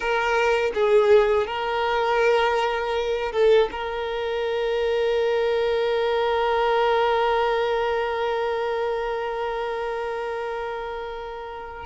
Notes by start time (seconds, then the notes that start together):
0.00 A#4
0.74 G#4
1.46 A#4
3.32 A4
3.71 A#4